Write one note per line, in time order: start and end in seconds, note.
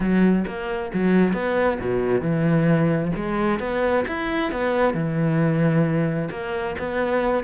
0.00 0.45 F#3
0.47 0.92 A#3
0.93 1.33 F#3
1.33 1.78 B3
1.80 2.21 B2
2.21 3.11 E3
3.15 3.59 G#3
3.59 4.04 B3
4.07 4.51 E4
4.51 4.94 B3
4.94 6.29 E3
6.30 6.75 A#3
6.79 7.44 B3